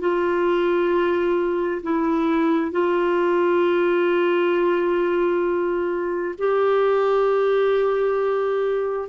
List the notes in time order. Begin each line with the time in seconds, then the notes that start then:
0.00 F4
1.83 E4
2.71 F4
6.38 G4